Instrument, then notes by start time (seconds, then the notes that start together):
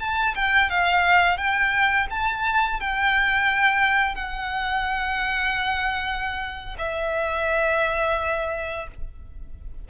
violin
0.00 A5
0.35 G5
0.70 F5
1.38 G5
2.11 A5
2.80 G5
4.15 F#5
6.79 E5